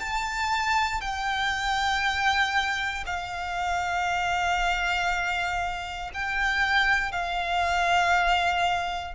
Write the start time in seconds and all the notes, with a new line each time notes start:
0.00 A5
1.01 G5
3.06 F5
6.14 G5
7.12 F5